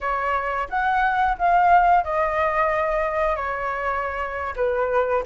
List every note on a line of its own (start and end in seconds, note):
0.00 0.68 C#5
0.69 1.37 F#5
1.38 2.04 F5
2.04 3.36 D#5
3.36 4.54 C#5
4.56 5.23 B4